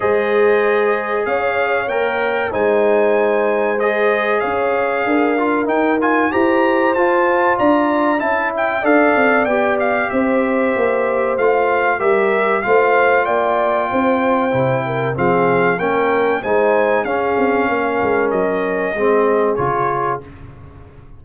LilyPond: <<
  \new Staff \with { instrumentName = "trumpet" } { \time 4/4 \tempo 4 = 95 dis''2 f''4 g''4 | gis''2 dis''4 f''4~ | f''4 g''8 gis''8 ais''4 a''4 | ais''4 a''8 g''8 f''4 g''8 f''8 |
e''2 f''4 e''4 | f''4 g''2. | f''4 g''4 gis''4 f''4~ | f''4 dis''2 cis''4 | }
  \new Staff \with { instrumentName = "horn" } { \time 4/4 c''2 cis''2 | c''2. cis''4 | ais'2 c''2 | d''4 e''4 d''2 |
c''2. ais'4 | c''4 d''4 c''4. ais'8 | gis'4 ais'4 c''4 gis'4 | ais'2 gis'2 | }
  \new Staff \with { instrumentName = "trombone" } { \time 4/4 gis'2. ais'4 | dis'2 gis'2~ | gis'8 f'8 dis'8 f'8 g'4 f'4~ | f'4 e'4 a'4 g'4~ |
g'2 f'4 g'4 | f'2. e'4 | c'4 cis'4 dis'4 cis'4~ | cis'2 c'4 f'4 | }
  \new Staff \with { instrumentName = "tuba" } { \time 4/4 gis2 cis'4 ais4 | gis2. cis'4 | d'4 dis'4 e'4 f'4 | d'4 cis'4 d'8 c'8 b4 |
c'4 ais4 a4 g4 | a4 ais4 c'4 c4 | f4 ais4 gis4 cis'8 c'8 | ais8 gis8 fis4 gis4 cis4 | }
>>